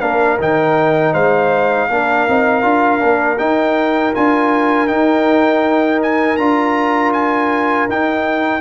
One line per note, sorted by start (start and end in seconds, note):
0.00 0.39 A#3
0.00 0.38 D4
0.00 1.13 A#4
0.00 0.38 F5
0.39 1.14 D#3
0.39 1.90 D#4
0.39 1.14 G5
1.13 1.89 G#3
1.13 1.88 C5
1.13 3.38 F5
1.89 2.27 A#3
1.89 2.28 D4
1.89 8.60 A#4
2.28 2.63 C4
2.28 2.62 D#4
2.62 3.01 D4
2.62 2.99 F4
2.99 3.39 A#3
2.99 3.36 D4
3.38 4.13 D#4
3.38 4.14 D#4
3.38 4.13 G5
4.14 4.91 D4
4.14 4.87 F4
4.14 4.87 G#5
4.87 6.37 D#4
4.87 6.38 D#4
4.87 6.00 G5
6.02 6.37 G#5
6.37 7.88 D4
6.37 7.89 F4
6.37 7.12 A#5
7.13 7.88 G#5
7.88 8.60 D#4
7.88 8.60 G5